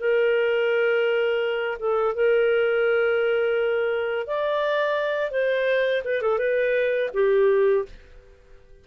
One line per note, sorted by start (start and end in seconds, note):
0.00 1.79 A#4
1.79 2.15 A4
2.15 4.27 A#4
4.27 5.31 D5
5.31 6.03 C5
6.05 6.22 B4
6.22 6.39 A4
6.39 7.10 B4
7.14 7.85 G4